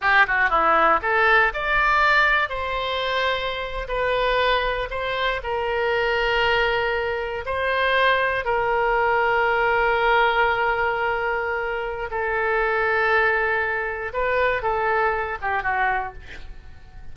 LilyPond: \new Staff \with { instrumentName = "oboe" } { \time 4/4 \tempo 4 = 119 g'8 fis'8 e'4 a'4 d''4~ | d''4 c''2~ c''8. b'16~ | b'4.~ b'16 c''4 ais'4~ ais'16~ | ais'2~ ais'8. c''4~ c''16~ |
c''8. ais'2.~ ais'16~ | ais'1 | a'1 | b'4 a'4. g'8 fis'4 | }